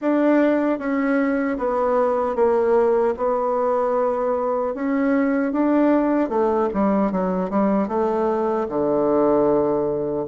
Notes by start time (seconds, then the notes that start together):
0.01 D4
0.78 C#4
1.58 B3
2.35 A#3
3.16 B3
4.74 C#4
5.52 D4
6.29 A3
6.73 G3
7.11 F#3
7.50 G3
7.88 A3
8.68 D3